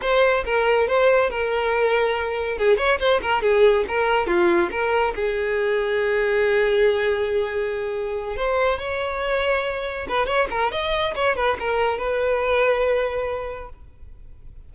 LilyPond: \new Staff \with { instrumentName = "violin" } { \time 4/4 \tempo 4 = 140 c''4 ais'4 c''4 ais'4~ | ais'2 gis'8 cis''8 c''8 ais'8 | gis'4 ais'4 f'4 ais'4 | gis'1~ |
gis'2.~ gis'8 c''8~ | c''8 cis''2. b'8 | cis''8 ais'8 dis''4 cis''8 b'8 ais'4 | b'1 | }